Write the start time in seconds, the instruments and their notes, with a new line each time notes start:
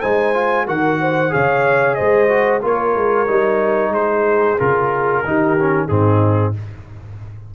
0.00 tuba G#3, trombone D#4, horn C5, trumpet G#5
0.34 trombone F4
0.66 tuba D#3, trombone F#4, horn A#4, trumpet F#5
1.00 horn C5
1.29 tuba C#3, trombone G#4, horn C#5, trumpet F5
1.94 tuba G#3, horn C5, trumpet D#5
2.28 trombone F#4
2.61 tuba A#3, trombone F4, horn A#4, trumpet C#5
2.95 tuba G#3
3.27 tuba G3, trombone D#4
3.89 tuba G#3, horn G#4, trumpet C5
4.58 tuba C#3, trombone F4, trumpet A#4
5.24 tuba D#3, trombone D#4, horn G4
5.58 trombone C#4
5.86 tuba G#2, trombone C4, horn D#4, trumpet G#4